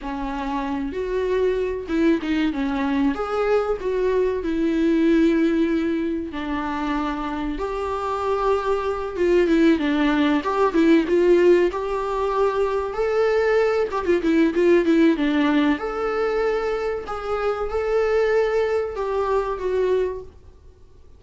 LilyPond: \new Staff \with { instrumentName = "viola" } { \time 4/4 \tempo 4 = 95 cis'4. fis'4. e'8 dis'8 | cis'4 gis'4 fis'4 e'4~ | e'2 d'2 | g'2~ g'8 f'8 e'8 d'8~ |
d'8 g'8 e'8 f'4 g'4.~ | g'8 a'4. g'16 f'16 e'8 f'8 e'8 | d'4 a'2 gis'4 | a'2 g'4 fis'4 | }